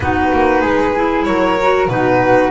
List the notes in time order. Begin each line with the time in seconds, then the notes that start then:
0.00 B3 D#4 F#4 B4
0.32 A#3
0.61 G#3 G#4
0.95 E4
1.24 F#3 A#4 C#5
1.61 F#4
1.87 B2 D#4 F#4 B4